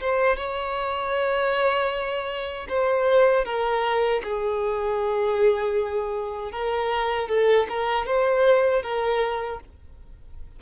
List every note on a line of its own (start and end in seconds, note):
0.00 0.36 C5
0.36 2.67 C#5
2.68 3.44 C5
3.44 4.21 A#4
4.23 6.51 G#4
6.51 7.28 A#4
7.28 7.66 A4
7.69 8.06 A#4
8.06 8.82 C5
8.82 9.59 A#4